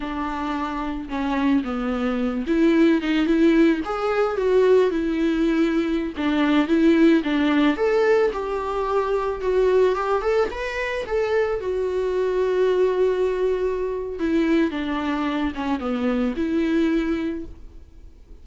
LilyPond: \new Staff \with { instrumentName = "viola" } { \time 4/4 \tempo 4 = 110 d'2 cis'4 b4~ | b8 e'4 dis'8 e'4 gis'4 | fis'4 e'2~ e'16 d'8.~ | d'16 e'4 d'4 a'4 g'8.~ |
g'4~ g'16 fis'4 g'8 a'8 b'8.~ | b'16 a'4 fis'2~ fis'8.~ | fis'2 e'4 d'4~ | d'8 cis'8 b4 e'2 | }